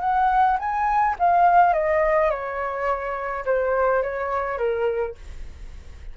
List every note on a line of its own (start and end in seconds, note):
0.00 0.57 F#5
0.59 1.16 G#5
1.19 1.73 F5
1.73 2.30 D#5
2.30 3.44 C#5
3.45 4.02 C5
4.03 4.58 C#5
4.58 5.15 A#4